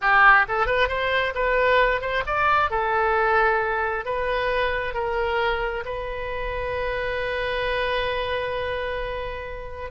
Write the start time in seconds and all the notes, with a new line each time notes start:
0.01 G4
0.48 A4
0.66 B4
0.88 C5
1.34 B4
2.01 C5
2.26 D5
2.70 A4
4.05 B4
4.94 A#4
5.85 B4